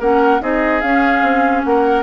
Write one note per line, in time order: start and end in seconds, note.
0.00 0.41 A#3
0.00 0.40 C#4
0.00 0.41 A#4
0.00 0.42 F#5
0.40 0.83 C4
0.40 0.82 D#4
0.40 1.66 G#4
0.40 0.81 D#5
0.81 1.23 C#4
0.81 2.03 C#4
0.81 1.64 F5
1.23 1.64 C4
1.64 2.03 A#3
1.64 2.03 A#4
1.64 2.03 F#5